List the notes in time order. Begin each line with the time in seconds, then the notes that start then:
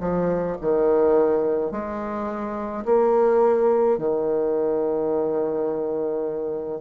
0.00 F3
0.61 D#3
1.71 G#3
2.85 A#3
3.97 D#3